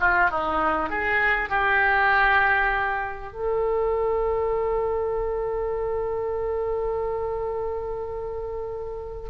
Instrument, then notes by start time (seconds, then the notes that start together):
oboe
0.00 F4
0.30 D#4
0.89 G#4
1.49 G4
3.33 A4